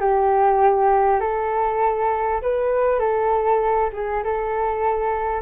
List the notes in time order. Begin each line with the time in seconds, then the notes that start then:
0.00 G4
1.20 A4
2.42 B4
2.99 A4
3.93 G#4
4.24 A4